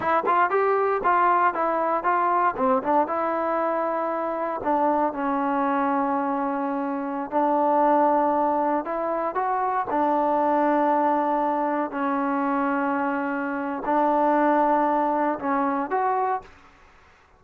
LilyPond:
\new Staff \with { instrumentName = "trombone" } { \time 4/4 \tempo 4 = 117 e'8 f'8 g'4 f'4 e'4 | f'4 c'8 d'8 e'2~ | e'4 d'4 cis'2~ | cis'2~ cis'16 d'4.~ d'16~ |
d'4~ d'16 e'4 fis'4 d'8.~ | d'2.~ d'16 cis'8.~ | cis'2. d'4~ | d'2 cis'4 fis'4 | }